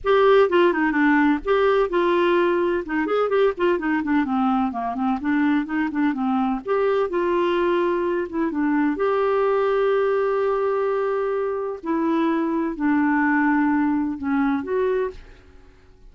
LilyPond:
\new Staff \with { instrumentName = "clarinet" } { \time 4/4 \tempo 4 = 127 g'4 f'8 dis'8 d'4 g'4 | f'2 dis'8 gis'8 g'8 f'8 | dis'8 d'8 c'4 ais8 c'8 d'4 | dis'8 d'8 c'4 g'4 f'4~ |
f'4. e'8 d'4 g'4~ | g'1~ | g'4 e'2 d'4~ | d'2 cis'4 fis'4 | }